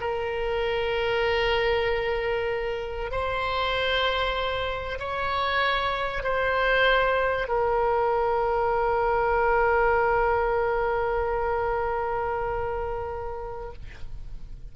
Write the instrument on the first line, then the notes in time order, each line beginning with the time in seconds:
oboe
0.00 A#4
3.11 C5
4.99 C#5
6.23 C5
7.48 A#4